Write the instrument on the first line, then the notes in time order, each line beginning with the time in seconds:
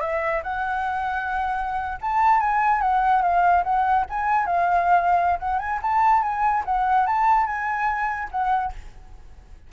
flute
0.00 E5
0.43 F#5
2.01 A5
2.39 G#5
2.81 F#5
3.21 F5
3.63 F#5
4.09 G#5
4.45 F5
5.39 F#5
5.58 G#5
5.82 A5
6.22 G#5
6.65 F#5
7.06 A5
7.46 G#5
8.31 F#5